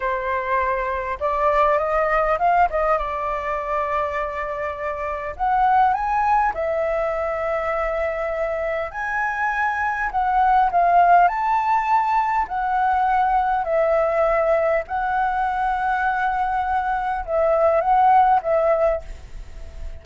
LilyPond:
\new Staff \with { instrumentName = "flute" } { \time 4/4 \tempo 4 = 101 c''2 d''4 dis''4 | f''8 dis''8 d''2.~ | d''4 fis''4 gis''4 e''4~ | e''2. gis''4~ |
gis''4 fis''4 f''4 a''4~ | a''4 fis''2 e''4~ | e''4 fis''2.~ | fis''4 e''4 fis''4 e''4 | }